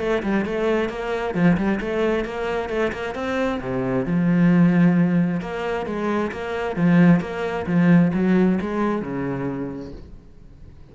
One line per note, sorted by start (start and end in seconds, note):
0.00 0.23 A3
0.23 0.46 G3
0.46 0.90 A3
0.90 1.35 A#3
1.35 1.57 F3
1.57 1.80 G3
1.81 2.25 A3
2.25 2.69 A#3
2.69 2.92 A3
2.93 3.15 A#3
3.15 3.60 C4
3.61 4.06 C3
4.06 5.41 F3
5.41 5.86 A#3
5.86 6.32 G#3
6.32 6.76 A#3
6.76 7.21 F3
7.21 7.66 A#3
7.67 8.12 F3
8.14 8.59 F#3
8.62 9.02 G#3
9.02 9.92 C#3